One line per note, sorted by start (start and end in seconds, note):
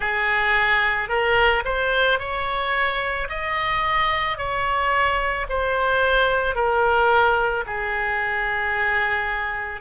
0.00 1.09 G#4
1.09 1.63 A#4
1.65 2.19 C5
2.19 3.28 C#5
3.29 4.37 D#5
4.37 5.46 C#5
5.48 6.55 C5
6.55 7.64 A#4
7.66 9.80 G#4